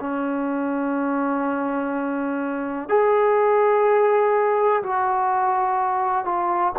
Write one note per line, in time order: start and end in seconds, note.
0.00 2.89 C#4
2.89 4.82 G#4
4.83 6.25 F#4
6.25 6.73 F4